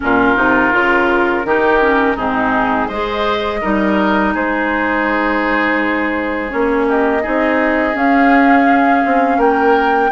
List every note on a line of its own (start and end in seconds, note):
0.00 0.37 A#2
0.00 0.36 C#4
0.00 1.46 F4
0.00 2.17 A#4
0.36 0.73 C3
0.36 0.72 D#4
0.72 1.44 C#3
0.72 1.44 F4
1.44 2.16 D#3
1.44 1.80 D#4
1.44 2.16 G4
1.80 2.16 C#4
2.16 2.88 G#2
2.16 2.90 C4
2.16 2.87 D#4
2.16 2.89 G#4
2.87 3.61 G#3
2.87 3.61 G#4
2.87 3.59 C5
2.87 4.33 D#5
3.61 4.35 G3
3.61 6.49 D#4
3.61 4.33 A#4
4.33 6.52 G#3
4.33 6.86 G#4
4.33 6.50 C5
6.49 7.25 A#3
6.49 7.21 C#4
6.49 6.86 C#5
6.88 7.22 G4
6.88 7.96 D#5
7.22 7.94 C4
7.22 7.93 D#4
7.22 9.37 G#4
7.93 10.10 C#4
7.93 9.03 C#4
7.93 9.40 F5
9.05 9.37 C4
9.37 10.09 A#3
9.37 10.10 A#4
9.37 10.11 G5